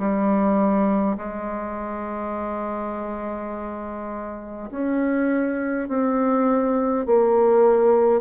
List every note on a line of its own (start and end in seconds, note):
0.00 1.18 G3
1.18 4.71 G#3
4.71 5.89 C#4
5.89 7.06 C4
7.06 8.21 A#3